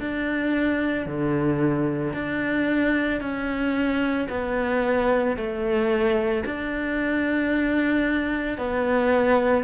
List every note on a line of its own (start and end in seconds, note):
0.00 1.07 D4
1.07 2.14 D3
2.14 3.21 D4
3.21 4.28 C#4
4.30 5.37 B3
5.37 6.44 A3
6.46 8.58 D4
8.58 9.64 B3